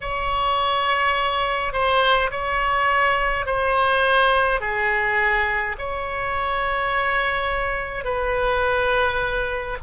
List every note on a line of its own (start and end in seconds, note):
0.01 1.73 C#5
1.73 2.30 C5
2.31 3.46 C#5
3.46 4.60 C5
4.60 5.75 G#4
5.78 8.04 C#5
8.04 9.77 B4